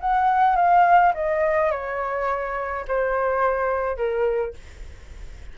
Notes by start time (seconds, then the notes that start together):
0.00 F#5
0.56 F5
1.14 D#5
1.71 C#5
2.88 C5
3.97 A#4